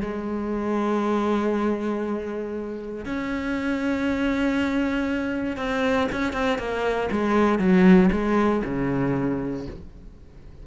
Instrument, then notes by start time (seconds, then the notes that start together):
cello
0.00 G#3
3.05 C#4
5.57 C4
6.12 C#4
6.33 C4
6.58 A#3
7.11 G#3
7.59 F#3
8.12 G#3
8.64 C#3